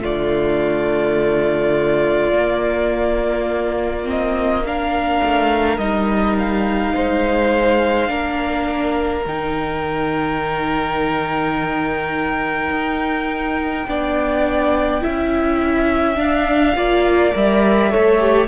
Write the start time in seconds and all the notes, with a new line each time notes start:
0.00 D3 A3 F4 D5
2.32 A#3
4.04 C4 D#5
4.65 D4 A#4 F5
5.23 A3
5.77 G3 D#4 D#5
6.37 F5
6.94 G#3 C5
8.07 A#3 D4 A#4
9.25 D#3 D#4 G5
12.69 D#4
13.86 B3 D4 D5
15.01 C#4 E4 E5
16.15 D4 F5
16.75 A#3 F4 D5
17.32 G3 A#4 E5
17.90 A3 A4 C#5
18.18 G4